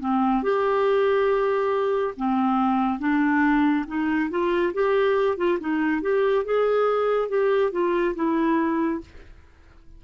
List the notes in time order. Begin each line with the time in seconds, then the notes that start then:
0.00 C4
0.43 G4
2.17 C4
2.99 D4
3.87 D#4
4.30 F4
4.73 G4
5.37 F4
5.60 D#4
6.02 G4
6.44 G#4
7.29 G4
7.72 F4
8.15 E4